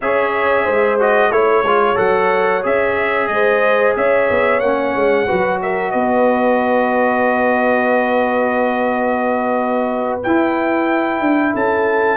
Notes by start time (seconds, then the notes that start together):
0.01 C#4 G#4 C#5 E5
0.64 G#3 C5
1.00 F#4 D#5
1.30 A3 E4 C#5
1.63 G#3 F4
1.95 F#3 A4 F#5
2.63 C#4 G#4 E5
3.27 G#3 C5 D#5
3.96 C#4 C#5 E5
4.30 B3
4.60 A#3 C#4 F#5
4.95 G#3
5.26 F#3 F#4 B4
5.61 A#4 E5
5.91 B3 B4 D#5
10.23 E4 G5
11.20 D4
11.53 C#4 A4 A5